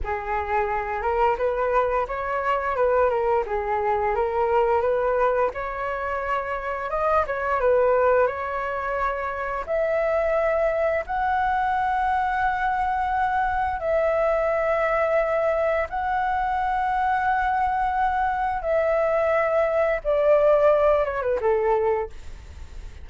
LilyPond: \new Staff \with { instrumentName = "flute" } { \time 4/4 \tempo 4 = 87 gis'4. ais'8 b'4 cis''4 | b'8 ais'8 gis'4 ais'4 b'4 | cis''2 dis''8 cis''8 b'4 | cis''2 e''2 |
fis''1 | e''2. fis''4~ | fis''2. e''4~ | e''4 d''4. cis''16 b'16 a'4 | }